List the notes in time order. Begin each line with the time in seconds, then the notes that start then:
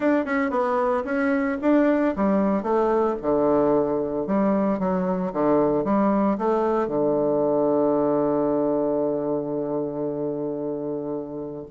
0.00 D4
0.25 C#4
0.50 B3
1.04 C#4
1.61 D4
2.16 G3
2.62 A3
3.22 D3
4.26 G3
4.79 F#3
5.32 D3
5.84 G3
6.38 A3
6.87 D3